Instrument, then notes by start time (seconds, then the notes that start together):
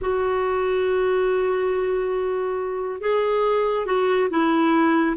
clarinet
0.01 F#4
3.00 G#4
3.86 F#4
4.29 E4